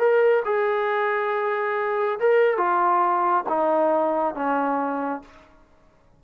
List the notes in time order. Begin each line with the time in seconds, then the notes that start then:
0.00 A#4
0.45 G#4
2.20 A#4
2.58 F4
3.49 D#4
4.35 C#4